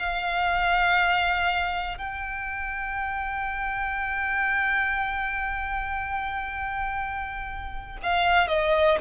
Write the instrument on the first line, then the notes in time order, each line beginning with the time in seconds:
violin
0.00 F5
1.98 G5
8.04 F5
8.48 D#5